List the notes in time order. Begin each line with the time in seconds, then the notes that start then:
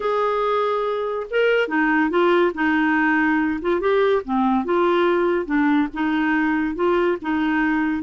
0.00 G#4
1.30 A#4
1.67 D#4
2.09 F4
2.54 D#4
3.61 F4
3.80 G4
4.24 C4
4.65 F4
5.45 D4
5.93 D#4
6.75 F4
7.21 D#4